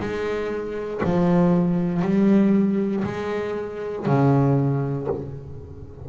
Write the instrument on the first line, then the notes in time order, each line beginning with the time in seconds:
double bass
0.00 G#3
1.04 F3
2.02 G3
3.05 G#3
4.06 C#3